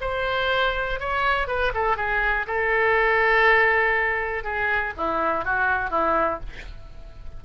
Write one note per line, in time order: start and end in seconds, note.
0.00 0.99 C5
1.00 1.47 C#5
1.47 1.72 B4
1.74 1.96 A4
1.96 2.46 G#4
2.46 4.43 A4
4.43 4.93 G#4
4.96 5.44 E4
5.44 5.90 F#4
5.90 6.39 E4